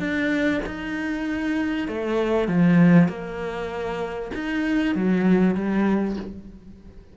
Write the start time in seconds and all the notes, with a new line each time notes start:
0.00 D4
0.66 D#4
1.88 A3
2.49 F3
3.09 A#3
4.34 D#4
4.95 F#3
5.55 G3